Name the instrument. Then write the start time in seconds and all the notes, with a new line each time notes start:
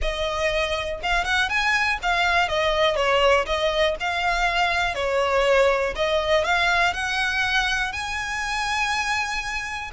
violin
0.01 D#5
1.02 F5
1.24 F#5
1.49 G#5
2.02 F5
2.48 D#5
2.95 C#5
3.46 D#5
4.00 F5
4.94 C#5
5.95 D#5
6.44 F5
6.93 F#5
7.92 G#5